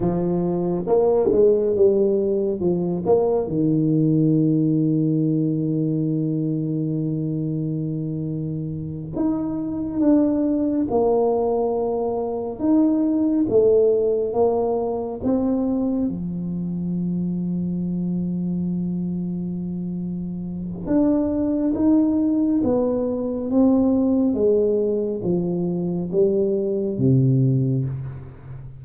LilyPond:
\new Staff \with { instrumentName = "tuba" } { \time 4/4 \tempo 4 = 69 f4 ais8 gis8 g4 f8 ais8 | dis1~ | dis2~ dis8 dis'4 d'8~ | d'8 ais2 dis'4 a8~ |
a8 ais4 c'4 f4.~ | f1 | d'4 dis'4 b4 c'4 | gis4 f4 g4 c4 | }